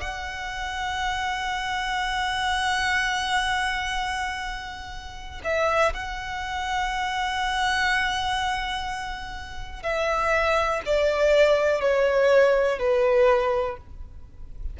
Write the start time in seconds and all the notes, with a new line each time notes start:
0.00 F#5
5.44 E5
5.93 F#5
9.82 E5
10.85 D5
11.80 C#5
12.79 B4